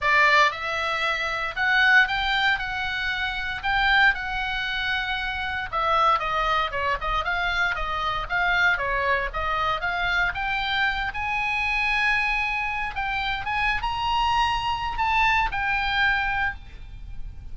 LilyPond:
\new Staff \with { instrumentName = "oboe" } { \time 4/4 \tempo 4 = 116 d''4 e''2 fis''4 | g''4 fis''2 g''4 | fis''2. e''4 | dis''4 cis''8 dis''8 f''4 dis''4 |
f''4 cis''4 dis''4 f''4 | g''4. gis''2~ gis''8~ | gis''4 g''4 gis''8. ais''4~ ais''16~ | ais''4 a''4 g''2 | }